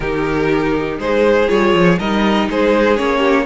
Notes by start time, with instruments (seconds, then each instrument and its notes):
0.00 cello D#3, viola D#4, violin G4 A#4
0.98 cello G#3, violin G#4 C5
1.48 cello G3, viola F4, violin C#5
1.73 cello F3
1.98 cello G3, viola D#4, violin A#4 D#5
2.49 cello G#3, violin G#4 C5
2.96 cello A#3, viola C#4, violin C#5
3.18 violin G4